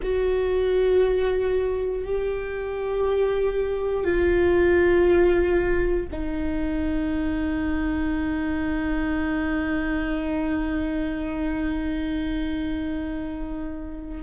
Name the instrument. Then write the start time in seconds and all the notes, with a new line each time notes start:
viola
0.02 F#4
2.04 G4
4.04 F4
6.11 D#4